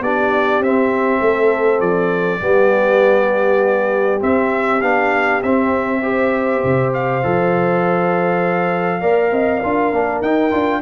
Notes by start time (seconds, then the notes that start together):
0.00 B3 D4 G4 D5
0.60 C4 E5
1.21 A3 A4
1.81 F3 D5
2.41 G3 B3 G4
4.20 C4 E5
4.82 B3 D4 F5
5.43 C4 E5
6.02 G4 C5
6.64 C3
6.94 F5
7.24 F3 A4
9.01 A#3 A#4 D5
9.32 C4 D#5
9.61 D4 F4 A#4
9.93 A#3 D4
10.22 D#4 G5
10.51 D4 F4